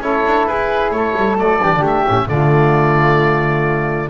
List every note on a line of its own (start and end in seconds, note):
0.00 0.23 C#4
0.00 1.38 E4
0.00 0.49 A4
0.00 0.47 C#5
0.26 0.48 D4
0.47 0.91 E4
0.47 0.95 G#4
0.47 0.92 B4
0.91 1.14 A3
0.91 1.63 A4
0.91 1.37 C#5
1.17 1.39 G3
1.38 1.62 F#3
1.38 1.61 A3
1.38 1.85 D5
1.63 1.74 E3
1.63 2.07 D4
1.63 1.74 G4
1.74 1.82 D3
1.74 1.80 F#4
1.74 2.25 G4
1.82 2.05 A3
1.82 2.29 E5
2.07 2.29 A2
2.07 2.29 C#4
2.29 4.10 D3
2.29 4.10 A3
2.29 4.10 F4
2.29 4.10 D5